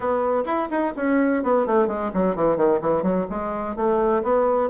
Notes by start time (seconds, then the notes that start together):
0.00 B3
0.45 E4
0.70 D#4
0.96 C#4
1.43 B3
1.66 A3
1.87 G#3
2.13 F#3
2.35 E3
2.56 D#3
2.81 E3
3.02 F#3
3.30 G#3
3.76 A3
4.23 B3